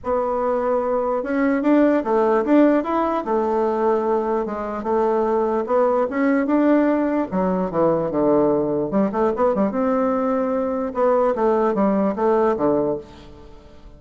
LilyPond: \new Staff \with { instrumentName = "bassoon" } { \time 4/4 \tempo 4 = 148 b2. cis'4 | d'4 a4 d'4 e'4 | a2. gis4 | a2 b4 cis'4 |
d'2 fis4 e4 | d2 g8 a8 b8 g8 | c'2. b4 | a4 g4 a4 d4 | }